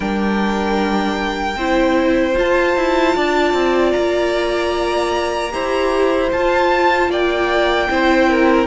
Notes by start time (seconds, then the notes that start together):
0.00 G3 D4 A#4 G5
1.56 C4 E4 C5
2.34 F4 A5
2.76 E4
3.15 D4 D5
3.53 C4
3.91 A#3 A#5
5.50 E4 G4 C5
6.31 F4 A5
7.09 A#3 D5 G5
7.89 C4 E4 C5
8.29 A#4